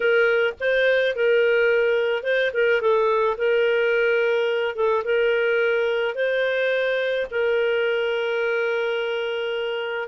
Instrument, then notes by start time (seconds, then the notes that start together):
clarinet
0.00 A#4
0.59 C5
1.15 A#4
2.23 C5
2.53 A#4
2.81 A4
3.37 A#4
4.75 A4
5.04 A#4
6.14 C5
7.30 A#4